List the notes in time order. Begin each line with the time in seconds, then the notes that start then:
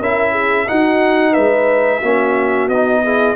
0.00 C#4 E4 A#4 E5
0.32 G#4
0.67 D#4 F#4 F#5
1.32 G#3 B4 E5
1.99 A#3 C#4 F#4
2.68 B3 D#4 D#5
3.04 E4 G#4